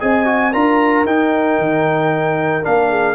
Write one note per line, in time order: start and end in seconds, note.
0.00 0.54 C4
0.00 0.26 G#4
0.00 0.52 D#5
0.00 0.53 G#5
0.26 0.52 F#4
0.52 1.05 D4
0.52 1.06 F4
0.52 2.90 A#4
0.52 1.06 A#5
1.05 1.58 D#4
1.05 2.62 D#4
1.05 2.65 G5
1.59 2.65 D#3
2.62 3.15 A#3
2.62 3.15 D4
2.62 3.15 F5
2.90 3.15 G#4